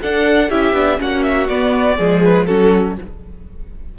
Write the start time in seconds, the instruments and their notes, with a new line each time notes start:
0.00 viola D4, cello D4, violin A4 F#5
0.48 cello C#4, viola E4, violin G4 E5
0.72 cello B3, viola D4
0.98 cello A#3, viola C#4, violin F#4 F#5
1.22 violin E5
1.48 cello B3, viola B3, violin D5
1.96 cello F3, viola G#3, violin G#4
2.24 violin B4
2.46 cello F#3, viola C#4, violin F#4 A4